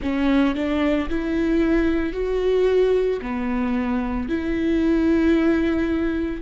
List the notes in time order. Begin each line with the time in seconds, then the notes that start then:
0.01 C#4
0.55 D4
1.09 E4
2.12 F#4
3.21 B3
4.29 E4